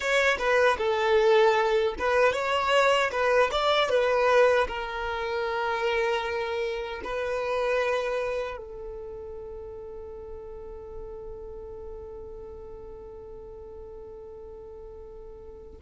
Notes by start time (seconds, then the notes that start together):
0.00 C#5
0.38 B4
0.78 A4
1.98 B4
2.32 C#5
3.11 B4
3.51 D5
3.89 B4
4.68 A#4
7.04 B4
8.57 A4